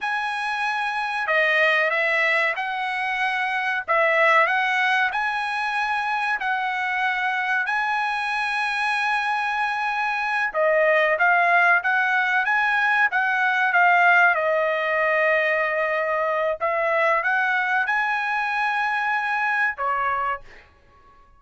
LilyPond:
\new Staff \with { instrumentName = "trumpet" } { \time 4/4 \tempo 4 = 94 gis''2 dis''4 e''4 | fis''2 e''4 fis''4 | gis''2 fis''2 | gis''1~ |
gis''8 dis''4 f''4 fis''4 gis''8~ | gis''8 fis''4 f''4 dis''4.~ | dis''2 e''4 fis''4 | gis''2. cis''4 | }